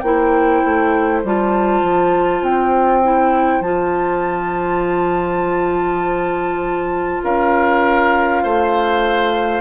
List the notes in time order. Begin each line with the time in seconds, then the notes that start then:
0.00 A#3 E4 C5 G5
0.65 A3
1.24 G3 F4 A5
1.82 F3
2.41 C4 G5
3.03 E4
3.60 F3 F4 A5
7.23 C#4 A#4 F5
8.43 A3 C5